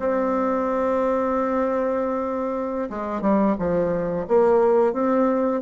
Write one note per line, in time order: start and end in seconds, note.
0.00 2.90 C4
2.90 3.22 G#3
3.22 3.56 G3
3.59 4.27 F3
4.28 4.94 A#3
4.94 5.62 C4